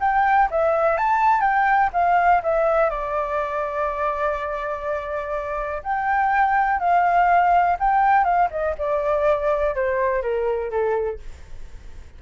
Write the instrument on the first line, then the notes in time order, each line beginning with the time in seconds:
flute
0.00 G5
0.50 E5
0.97 A5
1.41 G5
1.92 F5
2.43 E5
2.90 D5
5.82 G5
6.79 F5
7.79 G5
8.24 F5
8.50 D#5
8.78 D5
9.74 C5
10.22 A#4
10.70 A4